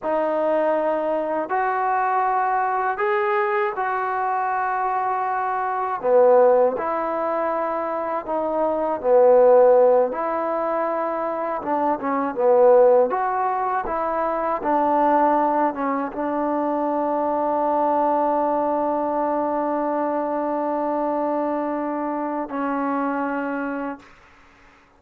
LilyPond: \new Staff \with { instrumentName = "trombone" } { \time 4/4 \tempo 4 = 80 dis'2 fis'2 | gis'4 fis'2. | b4 e'2 dis'4 | b4. e'2 d'8 |
cis'8 b4 fis'4 e'4 d'8~ | d'4 cis'8 d'2~ d'8~ | d'1~ | d'2 cis'2 | }